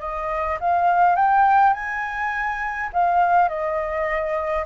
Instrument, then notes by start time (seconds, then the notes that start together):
flute
0.00 D#5
0.60 F5
1.16 G5
1.73 G#5
2.93 F5
3.49 D#5